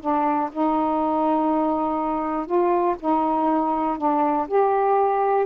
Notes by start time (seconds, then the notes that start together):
0.00 D4
0.52 D#4
2.46 F4
3.00 D#4
3.98 D4
4.48 G4